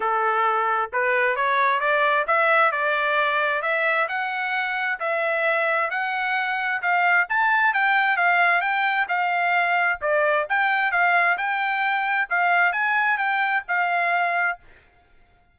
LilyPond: \new Staff \with { instrumentName = "trumpet" } { \time 4/4 \tempo 4 = 132 a'2 b'4 cis''4 | d''4 e''4 d''2 | e''4 fis''2 e''4~ | e''4 fis''2 f''4 |
a''4 g''4 f''4 g''4 | f''2 d''4 g''4 | f''4 g''2 f''4 | gis''4 g''4 f''2 | }